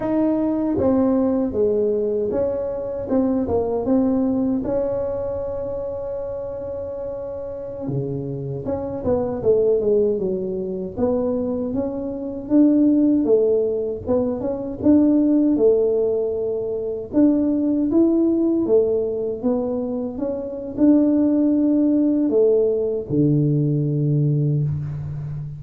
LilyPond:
\new Staff \with { instrumentName = "tuba" } { \time 4/4 \tempo 4 = 78 dis'4 c'4 gis4 cis'4 | c'8 ais8 c'4 cis'2~ | cis'2~ cis'16 cis4 cis'8 b16~ | b16 a8 gis8 fis4 b4 cis'8.~ |
cis'16 d'4 a4 b8 cis'8 d'8.~ | d'16 a2 d'4 e'8.~ | e'16 a4 b4 cis'8. d'4~ | d'4 a4 d2 | }